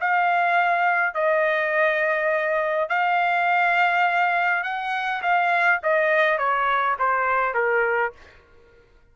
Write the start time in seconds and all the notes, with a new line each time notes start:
0.00 F5
1.14 D#5
2.89 F5
4.63 F#5
5.22 F5
5.83 D#5
6.38 C#5
6.99 C5
7.54 A#4